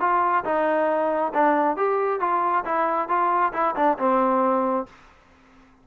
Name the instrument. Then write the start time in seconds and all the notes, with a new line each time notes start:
trombone
0.00 F4
0.44 D#4
1.34 D4
1.76 G4
2.20 F4
2.65 E4
3.08 F4
3.53 E4
3.76 D4
3.98 C4